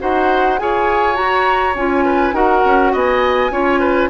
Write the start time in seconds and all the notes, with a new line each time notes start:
0.00 D#4 F#4 C5 F#5
0.58 F4 G#4 C#5 G#5
1.15 F#4 A#5
1.75 C#4 F4 G#5
2.05 B4
2.33 D#4 F#4 A#4 F#5
2.65 C#4
2.93 B3 D#5 G#5
3.51 C#4 F4 C#5
3.80 B4